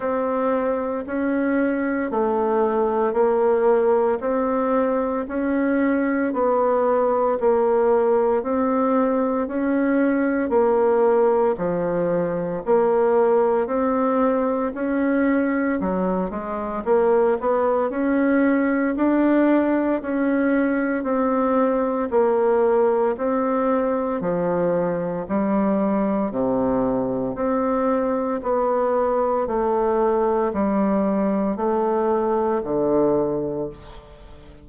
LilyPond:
\new Staff \with { instrumentName = "bassoon" } { \time 4/4 \tempo 4 = 57 c'4 cis'4 a4 ais4 | c'4 cis'4 b4 ais4 | c'4 cis'4 ais4 f4 | ais4 c'4 cis'4 fis8 gis8 |
ais8 b8 cis'4 d'4 cis'4 | c'4 ais4 c'4 f4 | g4 c4 c'4 b4 | a4 g4 a4 d4 | }